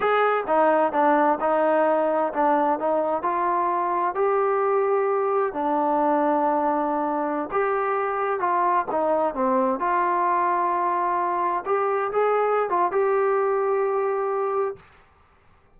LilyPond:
\new Staff \with { instrumentName = "trombone" } { \time 4/4 \tempo 4 = 130 gis'4 dis'4 d'4 dis'4~ | dis'4 d'4 dis'4 f'4~ | f'4 g'2. | d'1~ |
d'16 g'2 f'4 dis'8.~ | dis'16 c'4 f'2~ f'8.~ | f'4~ f'16 g'4 gis'4~ gis'16 f'8 | g'1 | }